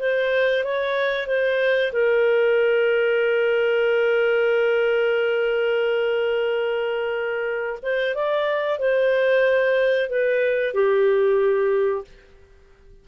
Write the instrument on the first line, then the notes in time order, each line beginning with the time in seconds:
clarinet
0.00 C5
0.64 C#5
1.27 C5
1.93 A#4
7.83 C5
8.15 D5
8.79 C5
10.09 B4
10.74 G4